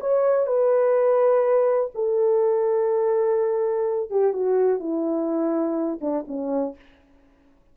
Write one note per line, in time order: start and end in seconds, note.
0.00 0.46 C#5
0.46 1.90 B4
1.94 4.10 A4
4.10 4.33 G4
4.33 4.79 F#4
4.79 5.99 E4
6.01 6.25 D4
6.27 6.75 C#4